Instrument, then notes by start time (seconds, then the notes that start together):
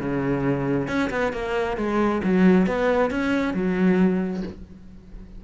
cello
0.00 C#3
0.88 C#4
1.11 B3
1.33 A#3
1.78 G#3
2.24 F#3
2.67 B3
3.11 C#4
3.54 F#3